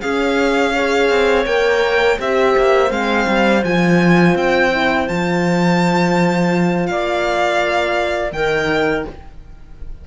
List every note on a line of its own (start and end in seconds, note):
0.00 0.73 C#4
0.00 1.09 C#4
0.00 0.72 G#4
0.00 1.45 F5
0.74 1.45 G#4
0.74 2.18 C#5
1.09 1.45 C4
1.45 2.18 A#3
1.45 2.18 A#4
1.45 2.18 G5
2.18 2.55 C4
2.18 2.89 G4
2.18 6.88 C5
2.18 2.91 E5
2.57 2.90 A#3
2.89 3.26 G#3
2.89 3.61 C4
2.89 3.64 F5
3.27 3.63 G3
3.63 4.35 F3
3.63 4.71 F4
3.63 4.36 G#5
4.35 5.07 C4
4.35 5.08 G5
4.71 5.08 E4
5.08 6.89 F3
5.08 8.33 F4
5.08 6.86 A5
6.86 8.32 A#3
6.86 8.34 D5
6.86 8.30 F5
8.32 9.04 D#3
8.32 9.07 D#4
8.32 9.06 A#4
8.32 9.05 G5